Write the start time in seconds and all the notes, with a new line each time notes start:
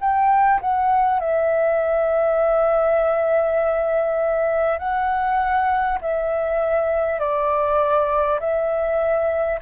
0.00 G5
0.61 F#5
1.19 E5
4.78 F#5
6.02 E5
7.19 D5
8.39 E5